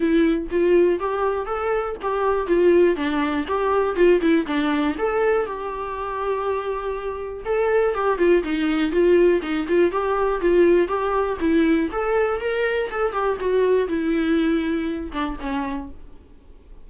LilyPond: \new Staff \with { instrumentName = "viola" } { \time 4/4 \tempo 4 = 121 e'4 f'4 g'4 a'4 | g'4 f'4 d'4 g'4 | f'8 e'8 d'4 a'4 g'4~ | g'2. a'4 |
g'8 f'8 dis'4 f'4 dis'8 f'8 | g'4 f'4 g'4 e'4 | a'4 ais'4 a'8 g'8 fis'4 | e'2~ e'8 d'8 cis'4 | }